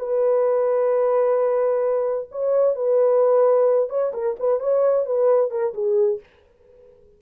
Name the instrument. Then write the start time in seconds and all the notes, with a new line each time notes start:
horn
0.00 B4
2.32 C#5
2.76 B4
3.90 C#5
4.14 A#4
4.40 B4
4.61 C#5
5.06 B4
5.51 A#4
5.74 G#4